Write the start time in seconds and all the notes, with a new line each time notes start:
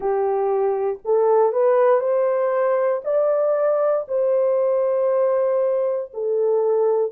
0.00 G4
1.04 A4
1.52 B4
2.00 C5
3.04 D5
4.08 C5
6.13 A4